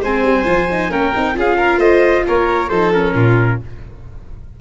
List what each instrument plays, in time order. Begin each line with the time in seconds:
0.00 tuba G#3, viola C4, violin C5, trumpet G#5
0.22 tuba G3
0.44 tuba F3, viola F4
0.71 viola D#4
0.89 tuba A#3, viola C#4, violin A#4, trumpet G5
1.14 tuba C4, viola D#4
1.33 tuba C#4, viola F4, violin G#4
1.40 trumpet F5
1.57 violin A#4
1.77 tuba A3, violin C5, trumpet D#5
2.26 tuba A#3, violin A#4, trumpet C#5
2.69 tuba F3, viola D#4, violin A4, trumpet C5
2.93 viola C#4, trumpet A#4
3.14 tuba A#2, violin F4